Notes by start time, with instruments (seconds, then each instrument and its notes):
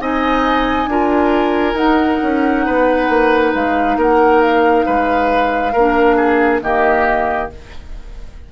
0.00 bassoon C4, clarinet D#4, oboe D#5, flute G#5
0.87 bassoon D4, clarinet F4, oboe A#4
1.74 bassoon D#4, clarinet D#4, flute F#5
2.23 bassoon C#4
2.66 bassoon B3, oboe B4
3.09 bassoon A#3
3.55 bassoon G#3, flute F5
3.97 bassoon A#3, oboe A#4, flute F#5
4.41 flute F5
4.86 bassoon G#3, oboe B4
5.72 bassoon A#3, oboe A#4
5.79 clarinet D4
6.16 oboe G#4
6.62 bassoon D#3, clarinet A#3, oboe G4, flute D#5